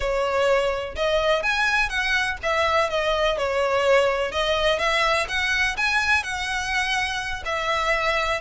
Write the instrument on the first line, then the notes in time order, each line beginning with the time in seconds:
violin
0.00 C#5
0.95 D#5
1.42 G#5
1.89 F#5
2.42 E5
2.89 D#5
3.37 C#5
4.31 D#5
4.78 E5
5.28 F#5
5.76 G#5
6.23 F#5
7.45 E5